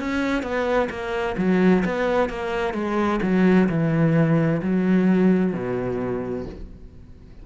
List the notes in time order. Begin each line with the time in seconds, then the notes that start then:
0.00 C#4
0.43 B3
0.90 A#3
1.38 F#3
1.85 B3
2.30 A#3
2.74 G#3
3.23 F#3
3.70 E3
4.63 F#3
5.54 B2